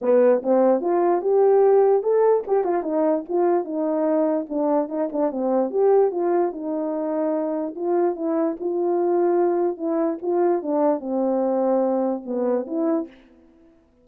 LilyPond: \new Staff \with { instrumentName = "horn" } { \time 4/4 \tempo 4 = 147 b4 c'4 f'4 g'4~ | g'4 a'4 g'8 f'8 dis'4 | f'4 dis'2 d'4 | dis'8 d'8 c'4 g'4 f'4 |
dis'2. f'4 | e'4 f'2. | e'4 f'4 d'4 c'4~ | c'2 b4 e'4 | }